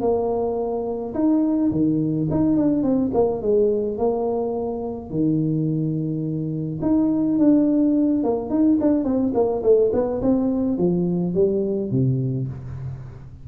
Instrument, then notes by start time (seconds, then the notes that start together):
tuba
0.00 A#3
1.14 D#4
1.71 D#3
2.30 D#4
2.56 D4
2.83 C4
3.13 A#3
3.41 G#3
3.97 A#3
5.10 D#3
6.82 D#4
7.38 D4
8.23 A#3
8.49 D#4
8.80 D4
9.04 C4
9.34 A#3
9.63 A3
9.93 B3
10.21 C4
10.77 F3
11.34 G3
11.91 C3